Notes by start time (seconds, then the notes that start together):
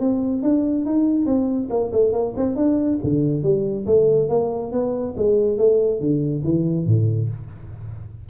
0.00 C4
0.43 D4
0.86 D#4
1.26 C4
1.70 A#3
1.93 A3
2.13 A#3
2.37 C4
2.56 D4
3.04 D3
3.43 G3
3.86 A3
4.29 A#3
4.72 B3
5.17 G#3
5.58 A3
6.00 D3
6.44 E3
6.86 A2